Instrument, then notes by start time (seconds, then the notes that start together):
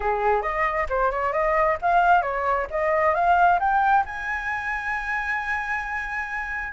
flute
0.00 G#4
0.42 D#5
0.89 C5
1.11 C#5
1.32 D#5
1.81 F5
2.22 C#5
2.70 D#5
3.14 F5
3.59 G5
4.05 G#5